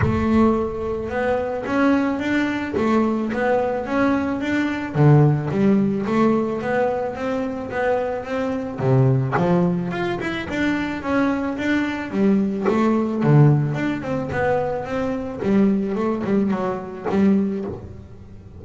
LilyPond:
\new Staff \with { instrumentName = "double bass" } { \time 4/4 \tempo 4 = 109 a2 b4 cis'4 | d'4 a4 b4 cis'4 | d'4 d4 g4 a4 | b4 c'4 b4 c'4 |
c4 f4 f'8 e'8 d'4 | cis'4 d'4 g4 a4 | d4 d'8 c'8 b4 c'4 | g4 a8 g8 fis4 g4 | }